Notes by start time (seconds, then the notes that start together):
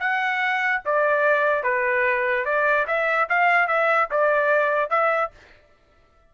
0.00 F#5
0.86 D5
1.64 B4
2.46 D5
2.87 E5
3.30 F5
3.68 E5
4.11 D5
4.90 E5